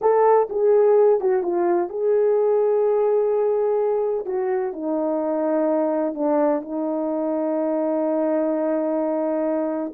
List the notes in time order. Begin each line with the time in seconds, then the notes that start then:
0.01 A4
0.49 G#4
1.20 F#4
1.42 F4
1.89 G#4
4.25 F#4
4.72 D#4
6.14 D4
6.61 D#4